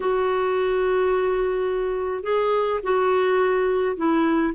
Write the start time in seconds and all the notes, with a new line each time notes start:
0.00 F#4
2.23 G#4
2.83 F#4
3.96 E4